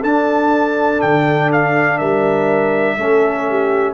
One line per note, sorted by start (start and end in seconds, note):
0.00 1.01 D4
0.00 2.98 D4
0.00 1.97 A4
0.00 1.01 A5
1.01 2.00 D3
1.01 1.50 G5
1.52 1.98 F5
1.98 2.97 G3
1.98 2.96 A#4
1.98 3.94 E5
2.97 3.94 A3
2.97 3.94 C#4
2.97 3.46 A4
3.49 3.94 G4